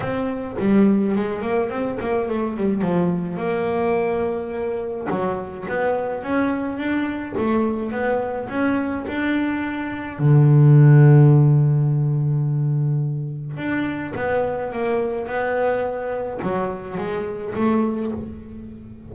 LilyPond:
\new Staff \with { instrumentName = "double bass" } { \time 4/4 \tempo 4 = 106 c'4 g4 gis8 ais8 c'8 ais8 | a8 g8 f4 ais2~ | ais4 fis4 b4 cis'4 | d'4 a4 b4 cis'4 |
d'2 d2~ | d1 | d'4 b4 ais4 b4~ | b4 fis4 gis4 a4 | }